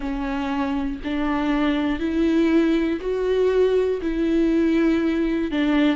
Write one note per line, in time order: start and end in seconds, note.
0.00 0.99 C#4
1.04 1.99 D4
1.99 2.99 E4
3.00 4.00 F#4
4.01 5.50 E4
5.50 5.96 D4